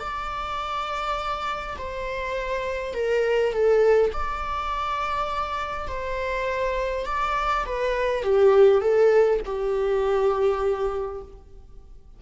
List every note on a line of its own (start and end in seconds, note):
0.00 1.76 D5
1.78 2.94 C5
2.94 3.52 A#4
3.52 4.11 A4
4.13 5.88 D5
5.88 7.06 C5
7.06 7.64 D5
7.65 8.23 B4
8.23 8.81 G4
8.81 9.40 A4
9.45 11.22 G4